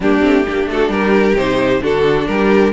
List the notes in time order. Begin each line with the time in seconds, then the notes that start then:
0.00 G3 A#3 D4 G4
0.21 A3 C4
0.46 A#3 D4 G4
0.67 A3 F#4 A4
0.88 G3 G4 A#4
1.35 C3 D#4 C5
1.81 D3 D4 F#4 A4
2.27 G3 G4 A#4